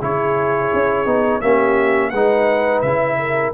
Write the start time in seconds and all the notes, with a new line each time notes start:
0.00 C#3 E4 G#4 C#5
0.74 C#4
1.06 B3 D#4
1.41 A#3 C#4 G4 E5
2.10 G#3 D#4 B4 F#5
2.82 C#3 E4 E5
3.19 A#4